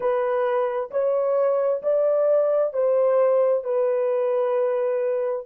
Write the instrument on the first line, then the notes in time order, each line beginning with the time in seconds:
horn
0.00 B4
0.90 C#5
1.82 D5
2.73 C5
3.64 B4